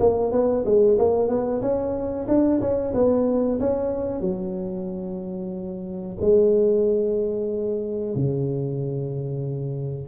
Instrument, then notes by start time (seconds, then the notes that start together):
tuba
0.00 A#3
0.32 B3
0.66 G#3
0.99 A#3
1.29 B3
1.62 C#4
2.28 D4
2.61 C#4
2.94 B3
3.60 C#4
4.22 F#3
6.21 G#3
8.16 C#3